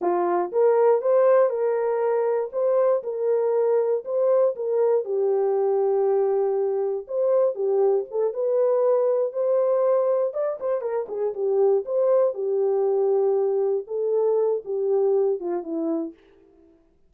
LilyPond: \new Staff \with { instrumentName = "horn" } { \time 4/4 \tempo 4 = 119 f'4 ais'4 c''4 ais'4~ | ais'4 c''4 ais'2 | c''4 ais'4 g'2~ | g'2 c''4 g'4 |
a'8 b'2 c''4.~ | c''8 d''8 c''8 ais'8 gis'8 g'4 c''8~ | c''8 g'2. a'8~ | a'4 g'4. f'8 e'4 | }